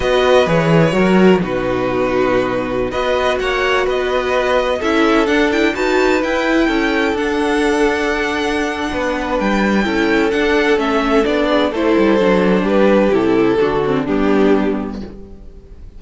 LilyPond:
<<
  \new Staff \with { instrumentName = "violin" } { \time 4/4 \tempo 4 = 128 dis''4 cis''2 b'4~ | b'2~ b'16 dis''4 fis''8.~ | fis''16 dis''2 e''4 fis''8 g''16~ | g''16 a''4 g''2 fis''8.~ |
fis''1 | g''2 fis''4 e''4 | d''4 c''2 b'4 | a'2 g'2 | }
  \new Staff \with { instrumentName = "violin" } { \time 4/4 b'2 ais'4 fis'4~ | fis'2~ fis'16 b'4 cis''8.~ | cis''16 b'2 a'4.~ a'16~ | a'16 b'2 a'4.~ a'16~ |
a'2. b'4~ | b'4 a'2.~ | a'8 gis'8 a'2 g'4~ | g'4 fis'4 d'2 | }
  \new Staff \with { instrumentName = "viola" } { \time 4/4 fis'4 gis'4 fis'4 dis'4~ | dis'2~ dis'16 fis'4.~ fis'16~ | fis'2~ fis'16 e'4 d'8 e'16~ | e'16 fis'4 e'2 d'8.~ |
d'1~ | d'4 e'4 d'4 cis'4 | d'4 e'4 d'2 | e'4 d'8 c'8 b2 | }
  \new Staff \with { instrumentName = "cello" } { \time 4/4 b4 e4 fis4 b,4~ | b,2~ b,16 b4 ais8.~ | ais16 b2 cis'4 d'8.~ | d'16 dis'4 e'4 cis'4 d'8.~ |
d'2. b4 | g4 cis'4 d'4 a4 | b4 a8 g8 fis4 g4 | c4 d4 g2 | }
>>